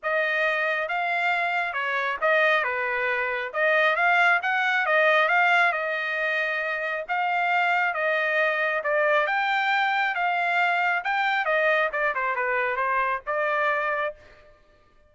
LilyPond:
\new Staff \with { instrumentName = "trumpet" } { \time 4/4 \tempo 4 = 136 dis''2 f''2 | cis''4 dis''4 b'2 | dis''4 f''4 fis''4 dis''4 | f''4 dis''2. |
f''2 dis''2 | d''4 g''2 f''4~ | f''4 g''4 dis''4 d''8 c''8 | b'4 c''4 d''2 | }